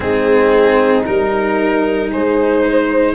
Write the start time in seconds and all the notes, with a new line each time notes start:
0.00 G#3 C4 D#4 G#4
1.05 G3 D#4 A#4
2.09 G#3 G#4 C5
2.64 C5